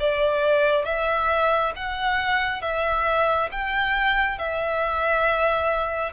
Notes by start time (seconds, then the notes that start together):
0.00 D5
0.85 E5
1.76 F#5
2.62 E5
3.52 G5
4.39 E5